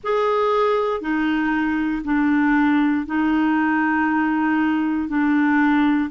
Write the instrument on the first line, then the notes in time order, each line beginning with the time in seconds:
clarinet
0.03 G#4
1.00 D#4
2.04 D4
3.06 D#4
5.08 D4